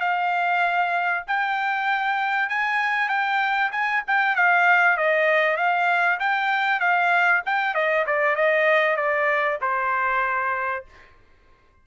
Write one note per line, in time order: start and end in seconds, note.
0.00 1.24 F5
1.27 2.49 G5
2.49 3.09 G#5
3.09 3.71 G5
3.72 4.03 G#5
4.07 4.35 G5
4.35 4.97 F5
4.97 5.57 D#5
5.57 6.19 F5
6.19 6.80 G5
6.80 7.42 F5
7.46 7.74 G5
7.74 8.05 D#5
8.06 8.36 D5
8.36 8.96 D#5
8.96 9.58 D5
9.61 10.85 C5